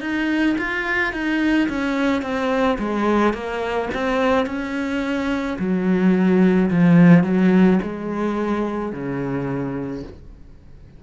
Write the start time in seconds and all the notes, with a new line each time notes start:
0.00 D#4
0.58 F4
1.13 D#4
1.68 C#4
2.22 C4
2.78 G#3
3.33 A#3
3.93 C4
4.46 C#4
5.59 F#3
6.70 F3
7.23 F#3
7.82 G#3
8.92 C#3